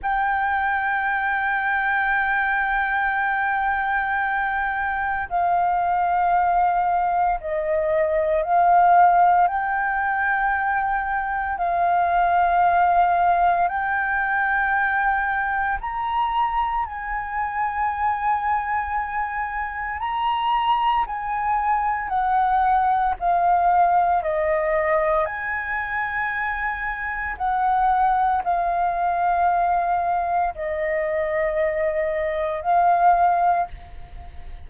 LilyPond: \new Staff \with { instrumentName = "flute" } { \time 4/4 \tempo 4 = 57 g''1~ | g''4 f''2 dis''4 | f''4 g''2 f''4~ | f''4 g''2 ais''4 |
gis''2. ais''4 | gis''4 fis''4 f''4 dis''4 | gis''2 fis''4 f''4~ | f''4 dis''2 f''4 | }